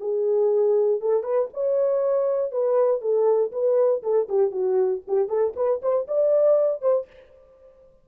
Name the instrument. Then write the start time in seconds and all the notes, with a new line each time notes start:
horn
0.00 G#4
1.01 A4
1.23 B4
1.54 C#5
2.52 B4
3.01 A4
3.52 B4
4.03 A4
4.29 G4
4.51 F#4
5.08 G4
5.28 A4
5.56 B4
5.82 C5
6.08 D5
6.82 C5